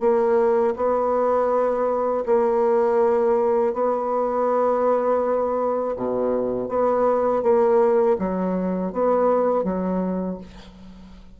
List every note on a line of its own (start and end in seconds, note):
0.00 0.74 A#3
0.76 2.24 B3
2.26 3.73 A#3
3.73 5.95 B3
5.96 6.68 B2
6.68 7.42 B3
7.42 8.16 A#3
8.19 8.92 F#3
8.92 9.63 B3
9.63 10.38 F#3